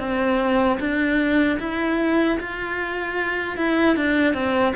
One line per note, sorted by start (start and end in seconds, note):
0.00 0.79 C4
0.80 1.59 D4
1.60 2.39 E4
2.41 3.57 F4
3.57 3.97 E4
3.97 4.34 D4
4.34 4.74 C4